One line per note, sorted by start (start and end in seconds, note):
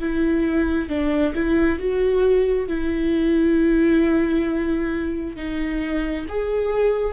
0.00 0.89 E4
0.89 1.34 D4
1.35 1.79 E4
1.79 2.68 F#4
2.68 5.36 E4
5.36 6.26 D#4
6.29 7.14 G#4